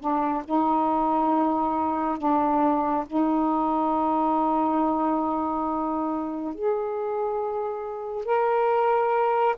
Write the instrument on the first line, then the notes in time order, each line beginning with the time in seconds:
saxophone
0.00 D4
0.45 D#4
2.18 D4
3.07 D#4
6.54 G#4
8.25 A#4